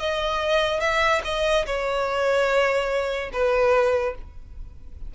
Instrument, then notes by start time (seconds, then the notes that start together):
violin
0.00 D#5
0.81 E5
1.25 D#5
1.67 C#5
3.33 B4